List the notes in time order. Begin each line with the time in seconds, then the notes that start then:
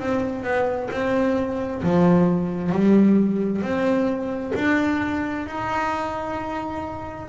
0.00 C4
0.44 B3
0.91 C4
1.83 F3
2.72 G3
3.62 C4
4.56 D4
5.47 D#4